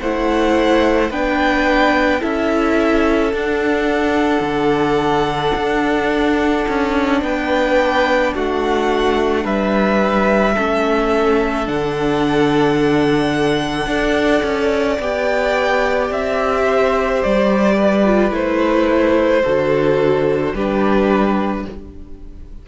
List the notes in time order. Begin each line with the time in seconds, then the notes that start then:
0.00 A3 E4 C5 F#5
1.10 B3 D4 B4 G5
2.20 C#4 E4 A4 E5
3.33 D4 F#5
4.40 D3
5.55 D4
6.68 C#4
7.22 B3 B4 G5
8.34 A3 F#4 F#5
9.44 G3 B4 E5
10.54 A3 C#4 A4
11.65 D3 D4 F#5
13.85 D4 A4 D5
14.43 C#4
14.99 B3 G4 G5
16.10 C4 E5
16.64 C5
17.23 G3 D5
17.76 B4
18.05 F4
18.31 A3 E4 C5
19.43 D3 F#4 A4
20.53 G3 D4 G4 B4